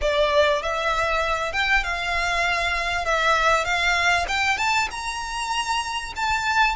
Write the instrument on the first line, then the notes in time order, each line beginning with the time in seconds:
violin
0.01 D5
0.62 E5
1.53 G5
1.83 F5
3.05 E5
3.65 F5
4.28 G5
4.57 A5
4.90 A#5
6.15 A5